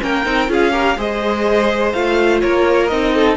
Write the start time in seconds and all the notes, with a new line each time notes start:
0.00 A#3 C#4 A#4 G5
0.25 C4 D#4
0.48 C#4 F4 G#4 F5
0.72 G4 A#4
0.98 G#3 G#4 C5 D#5
1.93 A3 F4 F5
2.41 A#3 A#4 C#5
2.87 C4 D#4 D#5
3.15 A4